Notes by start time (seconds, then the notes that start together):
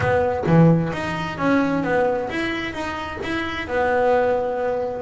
0.00 B3
0.46 E3
0.92 D#4
1.38 C#4
1.83 B3
2.29 E4
2.73 D#4
3.22 E4
3.67 B3